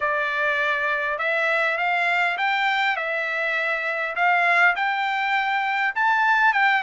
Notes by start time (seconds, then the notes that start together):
0.00 D5
1.18 E5
1.77 F5
2.37 G5
2.96 E5
4.15 F5
4.75 G5
5.95 A5
6.53 G5